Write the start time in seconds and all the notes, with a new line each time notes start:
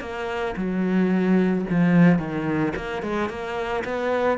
0.00 A#3
0.56 F#3
1.70 F3
2.19 D#3
2.76 A#3
3.02 G#3
3.29 A#3
3.84 B3